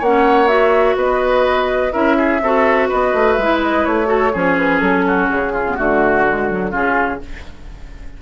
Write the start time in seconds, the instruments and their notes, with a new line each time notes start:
0.00 bassoon A#3, clarinet C#4, oboe C#5, flute F#5
0.48 clarinet F#4, flute E5
0.96 bassoon B3, oboe B4, flute D#5
1.92 bassoon C#4, clarinet E4, oboe A#4, flute E5
2.17 oboe G#4
2.42 bassoon C4, clarinet F#4, oboe A4
2.89 bassoon B3, oboe B4, flute D#5
3.14 bassoon A3
3.33 bassoon G#3, flute E5
3.42 clarinet E4
3.63 flute D#5
3.85 bassoon A3, flute C#5
4.06 clarinet F#4, oboe A4
4.33 bassoon F3, clarinet C#4, oboe G#4
4.58 flute B4
4.80 bassoon F#3, flute A4
5.07 oboe F#4
5.30 bassoon C#3, flute G#4
5.53 oboe F4
5.68 clarinet B3
5.75 bassoon D3, clarinet A3, flute F#4, oboe F#4
6.28 clarinet G#3
6.50 clarinet F#3
6.71 bassoon C#3, clarinet C#4, oboe F4, flute G#4